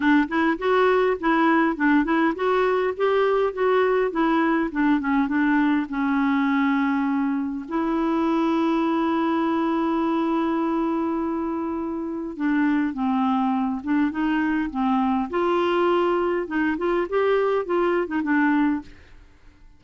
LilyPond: \new Staff \with { instrumentName = "clarinet" } { \time 4/4 \tempo 4 = 102 d'8 e'8 fis'4 e'4 d'8 e'8 | fis'4 g'4 fis'4 e'4 | d'8 cis'8 d'4 cis'2~ | cis'4 e'2.~ |
e'1~ | e'4 d'4 c'4. d'8 | dis'4 c'4 f'2 | dis'8 f'8 g'4 f'8. dis'16 d'4 | }